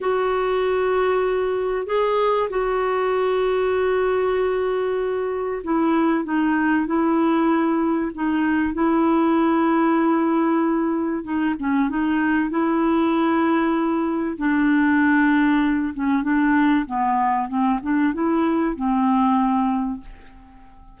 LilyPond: \new Staff \with { instrumentName = "clarinet" } { \time 4/4 \tempo 4 = 96 fis'2. gis'4 | fis'1~ | fis'4 e'4 dis'4 e'4~ | e'4 dis'4 e'2~ |
e'2 dis'8 cis'8 dis'4 | e'2. d'4~ | d'4. cis'8 d'4 b4 | c'8 d'8 e'4 c'2 | }